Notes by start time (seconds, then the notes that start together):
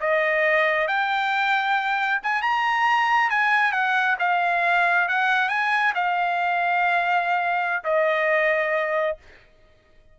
0.00 D#5
0.88 G5
2.23 G#5
2.42 A#5
3.30 G#5
3.72 F#5
4.20 F5
5.08 F#5
5.49 G#5
5.95 F5
7.84 D#5